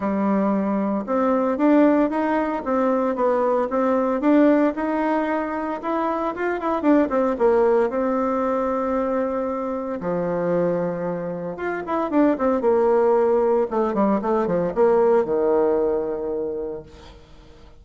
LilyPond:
\new Staff \with { instrumentName = "bassoon" } { \time 4/4 \tempo 4 = 114 g2 c'4 d'4 | dis'4 c'4 b4 c'4 | d'4 dis'2 e'4 | f'8 e'8 d'8 c'8 ais4 c'4~ |
c'2. f4~ | f2 f'8 e'8 d'8 c'8 | ais2 a8 g8 a8 f8 | ais4 dis2. | }